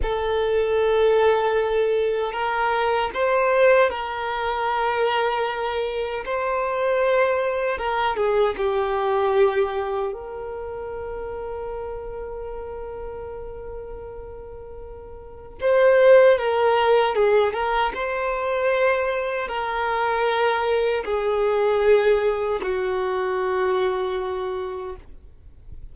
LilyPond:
\new Staff \with { instrumentName = "violin" } { \time 4/4 \tempo 4 = 77 a'2. ais'4 | c''4 ais'2. | c''2 ais'8 gis'8 g'4~ | g'4 ais'2.~ |
ais'1 | c''4 ais'4 gis'8 ais'8 c''4~ | c''4 ais'2 gis'4~ | gis'4 fis'2. | }